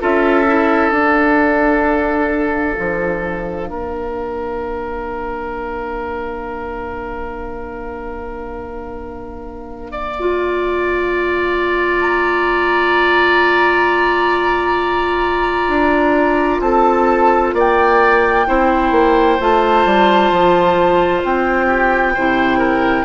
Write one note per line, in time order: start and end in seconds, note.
0.00 0.91 C#4
0.00 0.46 F4
0.00 3.70 A4
0.00 0.92 E5
0.47 0.92 E4
0.91 2.76 D4
0.91 10.15 D4
0.91 11.99 F5
2.79 3.71 F3
3.70 15.68 A#3
3.70 9.92 A#4
9.92 16.61 D5
10.19 18.47 F4
12.01 16.61 A#5
15.68 16.60 D4
16.60 17.53 C4
16.60 17.55 A4
16.60 17.53 A5
17.54 18.46 A#3
17.54 18.47 D5
17.54 19.43 G5
18.47 18.92 C4
18.47 19.39 E4
18.47 21.67 C5
18.92 19.38 A#3
19.40 19.86 A3
19.40 22.17 F4
19.40 21.24 A5
19.86 20.31 G3
20.31 21.24 F3
21.24 22.16 C4
21.24 23.05 G5
21.67 22.13 G4
22.15 23.05 C3
22.15 23.05 E4
22.15 22.59 C5
22.59 23.05 A#4